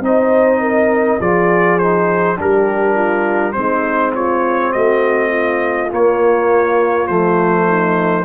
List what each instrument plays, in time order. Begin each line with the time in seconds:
0.00 tuba C4, trombone D#4, horn C5, trumpet D#5
0.61 horn A#4
1.20 tuba F3, trombone F4, horn G#4, trumpet D5
1.78 trombone D#4, trumpet C5
2.36 tuba G3, trombone D4, horn G4, trumpet A#4
2.95 horn F4
3.52 tuba G#3, trombone C4, horn D#4, trumpet C5
4.15 horn F4, trumpet C#5
4.72 tuba A3, horn F#4, trumpet D#5
5.30 horn F4
5.91 trombone A#3, tuba A#3, trumpet C#5
7.07 tuba F3, trombone A3, trumpet C5
7.68 horn D#4